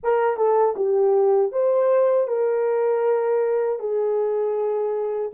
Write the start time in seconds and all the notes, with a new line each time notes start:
0.03 A#4
0.36 A4
0.76 G4
1.52 C5
2.27 A#4
3.79 G#4